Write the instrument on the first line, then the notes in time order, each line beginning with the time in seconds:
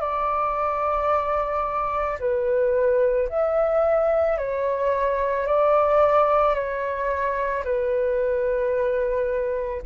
flute
0.00 D5
2.19 B4
3.29 E5
4.38 C#5
5.46 D5
6.54 C#5
7.64 B4